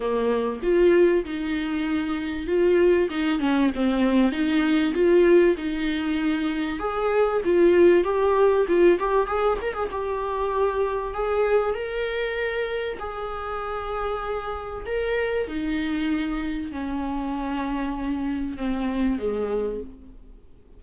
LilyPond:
\new Staff \with { instrumentName = "viola" } { \time 4/4 \tempo 4 = 97 ais4 f'4 dis'2 | f'4 dis'8 cis'8 c'4 dis'4 | f'4 dis'2 gis'4 | f'4 g'4 f'8 g'8 gis'8 ais'16 gis'16 |
g'2 gis'4 ais'4~ | ais'4 gis'2. | ais'4 dis'2 cis'4~ | cis'2 c'4 gis4 | }